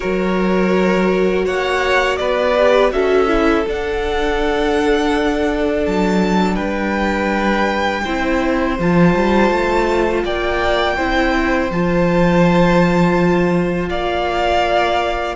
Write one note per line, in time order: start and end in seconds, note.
0.00 1.46 F#3
0.00 2.52 F#4
0.00 1.45 A#4
0.00 1.45 C#5
1.45 2.19 A#3
1.45 2.18 C#5
1.45 2.16 F#5
2.16 2.92 B3
2.16 2.93 B4
2.16 2.89 D5
2.56 2.92 G4
2.92 3.65 C#4
2.92 3.28 F#4
2.92 6.55 A4
2.92 3.65 E5
3.28 3.64 E4
3.67 5.86 D4
3.67 8.05 D4
3.67 5.85 F#5
5.85 6.58 F#3
5.85 6.55 A5
6.55 8.04 G3
6.55 8.01 B4
6.55 8.75 G5
8.04 8.78 C4
8.04 8.78 E4
8.04 10.23 C5
8.78 9.14 F3
8.78 10.97 F4
8.78 10.24 A5
9.14 9.50 G3
9.50 10.23 A3
10.24 10.97 A#3
10.24 10.96 D5
10.24 11.71 G5
10.96 11.70 C4
10.96 11.70 E4
10.96 13.89 C5
11.70 13.89 F3
11.70 15.35 F4
11.70 13.89 A5
13.89 15.35 A#3
13.89 15.35 D5
13.89 15.35 F5